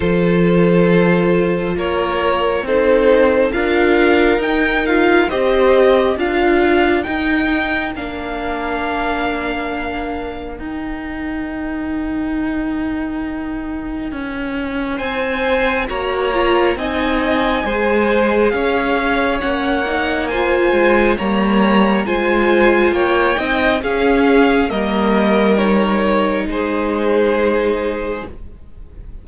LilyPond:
<<
  \new Staff \with { instrumentName = "violin" } { \time 4/4 \tempo 4 = 68 c''2 cis''4 c''4 | f''4 g''8 f''8 dis''4 f''4 | g''4 f''2. | g''1~ |
g''4 gis''4 ais''4 gis''4~ | gis''4 f''4 fis''4 gis''4 | ais''4 gis''4 g''4 f''4 | dis''4 cis''4 c''2 | }
  \new Staff \with { instrumentName = "violin" } { \time 4/4 a'2 ais'4 a'4 | ais'2 c''4 ais'4~ | ais'1~ | ais'1~ |
ais'4 c''4 cis''4 dis''4 | c''4 cis''2 c''4 | cis''4 c''4 cis''8 dis''8 gis'4 | ais'2 gis'2 | }
  \new Staff \with { instrumentName = "viola" } { \time 4/4 f'2. dis'4 | f'4 dis'8 f'8 g'4 f'4 | dis'4 d'2. | dis'1~ |
dis'2 fis'8 f'8 dis'4 | gis'2 cis'8 dis'8 f'4 | ais4 f'4. dis'8 cis'4 | ais4 dis'2. | }
  \new Staff \with { instrumentName = "cello" } { \time 4/4 f2 ais4 c'4 | d'4 dis'4 c'4 d'4 | dis'4 ais2. | dis'1 |
cis'4 c'4 ais4 c'4 | gis4 cis'4 ais4. gis8 | g4 gis4 ais8 c'8 cis'4 | g2 gis2 | }
>>